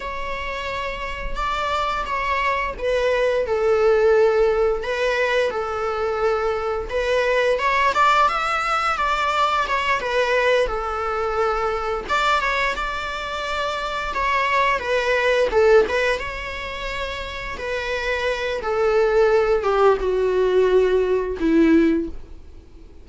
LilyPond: \new Staff \with { instrumentName = "viola" } { \time 4/4 \tempo 4 = 87 cis''2 d''4 cis''4 | b'4 a'2 b'4 | a'2 b'4 cis''8 d''8 | e''4 d''4 cis''8 b'4 a'8~ |
a'4. d''8 cis''8 d''4.~ | d''8 cis''4 b'4 a'8 b'8 cis''8~ | cis''4. b'4. a'4~ | a'8 g'8 fis'2 e'4 | }